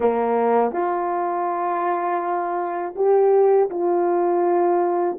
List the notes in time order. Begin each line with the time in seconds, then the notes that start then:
0.00 A#3
0.72 F4
2.95 G4
3.70 F4